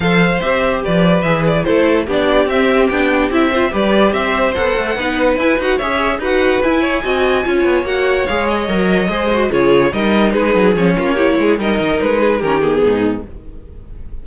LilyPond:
<<
  \new Staff \with { instrumentName = "violin" } { \time 4/4 \tempo 4 = 145 f''4 e''4 d''4 e''8 d''8 | c''4 d''4 e''4 g''4 | e''4 d''4 e''4 fis''4~ | fis''4 gis''8 fis''8 e''4 fis''4 |
gis''2. fis''4 | f''8 dis''2~ dis''8 cis''4 | dis''4 b'4 cis''2 | dis''4 b'4 ais'8 gis'4. | }
  \new Staff \with { instrumentName = "violin" } { \time 4/4 c''2 b'2 | a'4 g'2.~ | g'8 c''8 b'4 c''2 | b'2 cis''4 b'4~ |
b'8 cis''8 dis''4 cis''2~ | cis''2 c''4 gis'4 | ais'4 gis'4. f'8 g'8 gis'8 | ais'4. gis'8 g'4 dis'4 | }
  \new Staff \with { instrumentName = "viola" } { \time 4/4 a'4 g'2 gis'4 | e'4 d'4 c'4 d'4 | e'8 f'8 g'2 a'4 | dis'4 e'8 fis'8 gis'4 fis'4 |
e'4 fis'4 f'4 fis'4 | gis'4 ais'4 gis'8 fis'8 f'4 | dis'2 cis'4 e'4 | dis'2 cis'8 b4. | }
  \new Staff \with { instrumentName = "cello" } { \time 4/4 f4 c'4 f4 e4 | a4 b4 c'4 b4 | c'4 g4 c'4 b8 a8 | b4 e'8 dis'8 cis'4 dis'4 |
e'4 c'4 cis'8 b8 ais4 | gis4 fis4 gis4 cis4 | g4 gis8 fis8 f8 ais4 gis8 | g8 dis8 gis4 dis4 gis,4 | }
>>